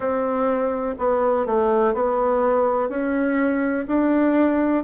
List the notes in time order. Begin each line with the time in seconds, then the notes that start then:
0.00 C4
0.98 B3
1.46 A3
1.94 B3
2.89 C#4
3.87 D4